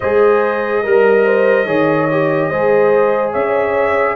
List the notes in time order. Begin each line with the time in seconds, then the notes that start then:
0.00 G#3 G#4 C5 D#5
0.83 G3 A#4
1.25 C5
1.65 D#3 G#4 C#5
2.10 G4
2.49 G#3 G#4 C5
3.32 C#4 C#5 E5